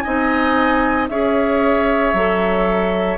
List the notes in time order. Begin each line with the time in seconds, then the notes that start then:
0.00 C4 D#4 D#5 G#5
1.09 C#4 G#4 C#5 E5
2.13 F#3 A4